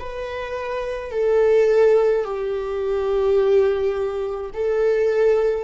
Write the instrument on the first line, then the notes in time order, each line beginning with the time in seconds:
viola
0.00 B4
1.12 A4
2.25 G4
4.54 A4